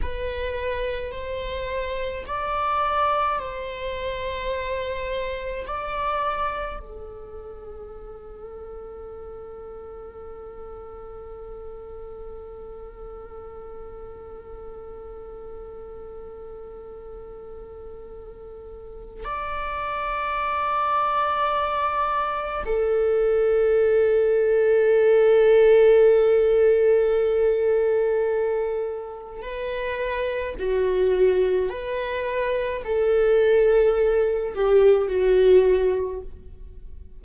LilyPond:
\new Staff \with { instrumentName = "viola" } { \time 4/4 \tempo 4 = 53 b'4 c''4 d''4 c''4~ | c''4 d''4 a'2~ | a'1~ | a'1~ |
a'4 d''2. | a'1~ | a'2 b'4 fis'4 | b'4 a'4. g'8 fis'4 | }